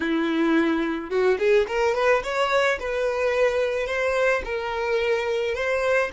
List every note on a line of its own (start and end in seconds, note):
0.00 1.10 E4
1.10 1.37 F#4
1.38 1.66 G#4
1.67 1.94 A#4
1.94 2.22 B4
2.23 2.79 C#5
2.79 3.86 B4
3.86 4.42 C5
4.44 5.54 A#4
5.54 6.10 C5